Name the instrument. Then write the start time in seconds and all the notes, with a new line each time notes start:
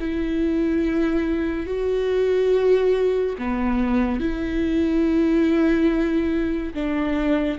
viola
0.00 E4
1.67 F#4
3.39 B3
4.21 E4
6.75 D4